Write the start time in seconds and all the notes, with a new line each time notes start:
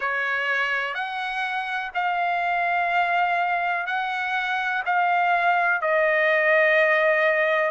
0.00 C#5
0.94 F#5
1.94 F5
3.86 F#5
4.85 F5
5.81 D#5